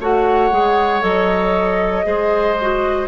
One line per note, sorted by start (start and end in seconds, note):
0.00 0.51 A3
0.00 0.51 F#4
0.00 2.06 C#5
0.00 1.02 F#5
0.51 1.03 G#3
0.51 1.01 G#4
1.01 2.05 F#3
1.01 2.03 A4
1.01 3.08 D#5
2.03 3.08 G#3
2.03 2.55 G#4
2.03 3.08 C5
2.61 3.08 F#4